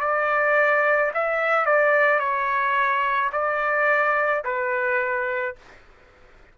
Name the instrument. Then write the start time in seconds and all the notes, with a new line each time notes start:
trumpet
0.00 D5
1.14 E5
1.65 D5
2.19 C#5
3.32 D5
4.44 B4